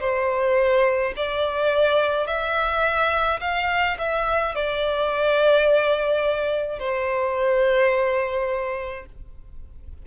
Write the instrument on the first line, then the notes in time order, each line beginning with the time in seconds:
violin
0.00 C5
1.17 D5
2.27 E5
3.41 F5
3.99 E5
4.55 D5
6.79 C5